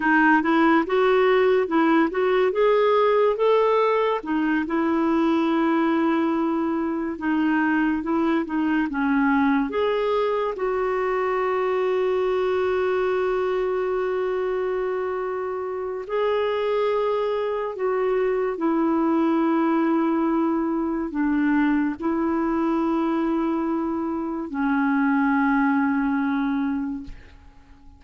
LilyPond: \new Staff \with { instrumentName = "clarinet" } { \time 4/4 \tempo 4 = 71 dis'8 e'8 fis'4 e'8 fis'8 gis'4 | a'4 dis'8 e'2~ e'8~ | e'8 dis'4 e'8 dis'8 cis'4 gis'8~ | gis'8 fis'2.~ fis'8~ |
fis'2. gis'4~ | gis'4 fis'4 e'2~ | e'4 d'4 e'2~ | e'4 cis'2. | }